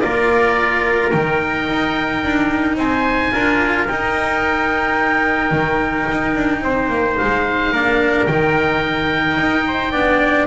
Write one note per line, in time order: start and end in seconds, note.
0.00 1.14 A#3
0.00 1.12 F4
0.00 2.79 A#4
0.00 1.10 D5
1.11 1.69 D#3
1.11 3.32 D#4
1.11 2.76 G5
1.69 2.24 D#4
2.24 2.76 D4
2.76 3.31 C4
2.76 3.33 C5
2.76 3.88 G#5
3.32 3.89 D4
3.32 3.87 F4
3.32 6.64 A#4
3.88 5.51 D#4
3.88 7.74 D#4
3.88 7.18 G5
5.51 6.06 D#3
6.12 6.36 D#4
6.36 6.62 D4
6.62 6.89 C4
6.62 7.73 C5
6.89 7.16 A#3
7.18 7.72 G#3
7.18 8.27 F5
7.72 8.27 A#3
7.72 8.29 D4
7.72 9.66 A#4
8.27 9.37 D#3
8.27 9.94 D#4
8.27 10.47 G5
9.37 9.92 D#4
9.67 9.92 C5
9.92 10.47 B3
9.92 10.47 D4
9.92 10.47 D5